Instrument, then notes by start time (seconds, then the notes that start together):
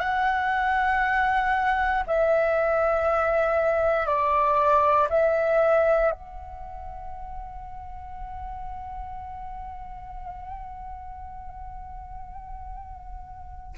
flute
0.00 F#5
2.07 E5
4.06 D5
5.10 E5
6.12 F#5